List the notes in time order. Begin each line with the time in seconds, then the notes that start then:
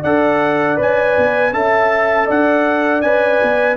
0.00 D4 A4 D5 F#5
0.76 C#4 B4 G#5
1.17 B3
1.53 C#4 A4 E5 A5
2.26 D4 D5 F#5
3.01 C#4 B4 G#5
3.42 B3